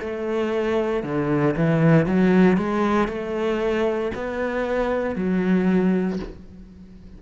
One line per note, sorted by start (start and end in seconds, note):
0.00 1.03 A3
1.03 1.55 D3
1.56 2.06 E3
2.06 2.57 F#3
2.57 3.08 G#3
3.08 4.11 A3
4.15 5.15 B3
5.15 6.19 F#3